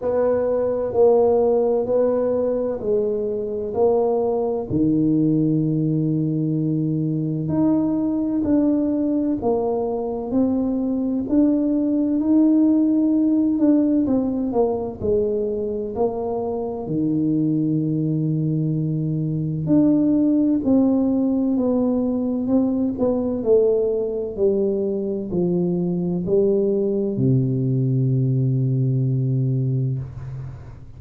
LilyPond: \new Staff \with { instrumentName = "tuba" } { \time 4/4 \tempo 4 = 64 b4 ais4 b4 gis4 | ais4 dis2. | dis'4 d'4 ais4 c'4 | d'4 dis'4. d'8 c'8 ais8 |
gis4 ais4 dis2~ | dis4 d'4 c'4 b4 | c'8 b8 a4 g4 f4 | g4 c2. | }